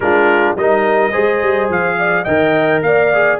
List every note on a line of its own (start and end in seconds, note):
0.00 0.53 G#3
0.00 0.57 D4
0.00 0.57 F4
0.00 0.56 A#4
0.55 1.12 G3
0.55 1.12 D#4
0.55 1.11 A#4
0.55 1.70 D#5
1.11 1.42 G#3
1.11 2.25 G#4
1.11 1.96 C5
1.42 1.69 G3
1.69 2.25 F3
1.69 2.24 F5
1.98 2.23 D5
2.23 2.82 D#3
2.23 3.13 A#4
2.23 2.80 D#5
2.23 2.81 G5
2.82 3.38 A#3
2.82 3.40 D5
2.82 3.39 F5
3.13 3.40 G#4